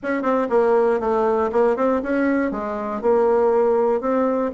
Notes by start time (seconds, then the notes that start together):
0.02 C#4
0.22 C4
0.49 A#3
0.99 A3
1.51 A#3
1.76 C4
2.02 C#4
2.51 G#3
3.01 A#3
4.00 C4